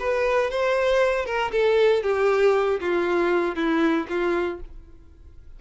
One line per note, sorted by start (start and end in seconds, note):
0.00 0.51 B4
0.51 1.26 C5
1.26 1.52 A#4
1.52 2.03 A4
2.03 2.80 G4
2.81 3.56 F4
3.56 4.07 E4
4.09 4.60 F4